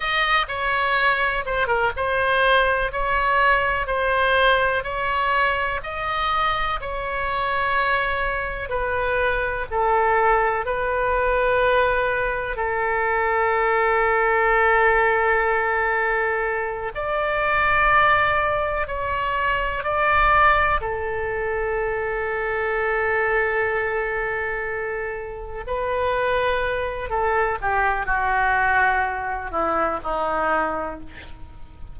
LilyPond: \new Staff \with { instrumentName = "oboe" } { \time 4/4 \tempo 4 = 62 dis''8 cis''4 c''16 ais'16 c''4 cis''4 | c''4 cis''4 dis''4 cis''4~ | cis''4 b'4 a'4 b'4~ | b'4 a'2.~ |
a'4. d''2 cis''8~ | cis''8 d''4 a'2~ a'8~ | a'2~ a'8 b'4. | a'8 g'8 fis'4. e'8 dis'4 | }